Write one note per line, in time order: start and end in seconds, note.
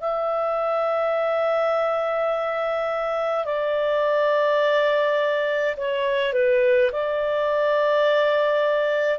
0.00 3.45 E5
3.45 5.75 D5
5.76 6.33 C#5
6.33 6.90 B4
6.92 9.19 D5